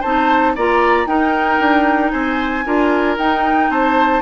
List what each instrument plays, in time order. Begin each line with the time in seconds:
0.00 bassoon C4, clarinet D#4, oboe C5, flute A5
0.55 bassoon A#3, clarinet F4, oboe D5, flute A#5
1.06 bassoon D#4, clarinet D#4, oboe A#4, flute G5
1.60 bassoon D4
2.11 bassoon C4, oboe C5, flute G#5
2.65 bassoon D4, clarinet F4, oboe A#4
3.17 bassoon D#4, clarinet D#4, flute G5
3.69 bassoon C4, oboe C5, flute A5